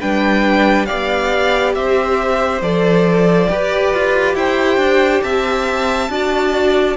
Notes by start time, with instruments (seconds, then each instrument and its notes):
0.00 cello G3, viola D4, violin B4 G5
0.86 cello B3, viola G4, violin D5 F5
1.75 cello C4, violin C5 E5
2.61 cello F3, viola A4, violin D5
3.48 viola G4, cello G4, violin B4
3.94 cello F4
4.34 cello E4, violin C5 G5
4.77 cello D4
5.22 cello C4, violin E5 A5
6.09 cello D4, viola F#4, violin D5